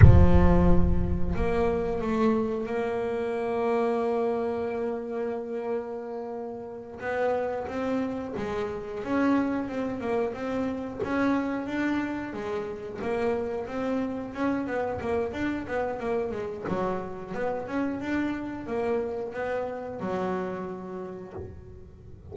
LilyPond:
\new Staff \with { instrumentName = "double bass" } { \time 4/4 \tempo 4 = 90 f2 ais4 a4 | ais1~ | ais2~ ais8 b4 c'8~ | c'8 gis4 cis'4 c'8 ais8 c'8~ |
c'8 cis'4 d'4 gis4 ais8~ | ais8 c'4 cis'8 b8 ais8 d'8 b8 | ais8 gis8 fis4 b8 cis'8 d'4 | ais4 b4 fis2 | }